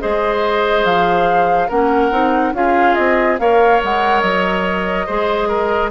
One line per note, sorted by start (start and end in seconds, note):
0.00 0.85 G#3
0.00 1.69 G#4
0.00 1.68 C5
0.00 0.85 D#5
0.85 1.69 F3
0.85 1.70 F5
1.68 2.11 A#3
1.68 2.12 C#4
1.68 2.53 A#4
1.68 2.55 F#5
2.11 2.53 C4
2.11 2.54 D#4
2.53 2.96 C#4
2.53 3.39 F4
2.53 3.41 G#4
2.53 2.95 F5
2.95 3.40 C4
2.95 3.37 D#5
3.39 3.82 A#3
3.39 5.08 A#4
3.39 5.07 C#5
3.39 3.82 F5
3.84 4.23 G#3
3.84 4.21 F#5
4.21 5.08 F#3
4.21 5.90 D#5
5.07 5.92 G#3
5.07 5.92 G#4
5.07 5.48 C5
5.48 5.91 A#4